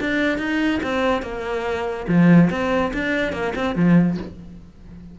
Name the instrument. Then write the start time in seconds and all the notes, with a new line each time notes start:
cello
0.00 D4
0.38 D#4
0.83 C4
1.22 A#3
2.07 F3
2.50 C4
2.93 D4
3.32 A#3
3.55 C4
3.75 F3